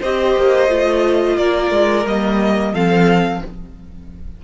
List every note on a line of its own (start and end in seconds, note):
0.00 0.37 C4
0.00 0.68 G4
0.00 1.37 C5
0.00 1.37 D#5
0.37 0.68 A#3
0.68 1.37 A3
0.68 2.06 F4
1.37 1.71 A#3
1.37 2.73 A#4
1.37 2.06 D5
1.71 2.06 G#3
2.06 2.73 G3
2.06 2.76 A#3
2.06 2.75 D#5
2.73 3.42 F3
2.73 3.45 C4
2.73 3.42 A4
2.73 3.44 F5